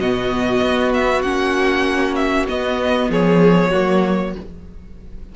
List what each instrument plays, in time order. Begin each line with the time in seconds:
0.00 cello B2, viola B3, violin F#4 D#5
0.63 cello B3
0.94 violin E5
1.23 cello A#3, viola C#4, violin F#5
2.16 violin E5
2.48 viola B3, cello B3, violin D#5
3.10 cello F3, violin G#4 C#5
3.71 cello F#3, viola A#3, violin F#4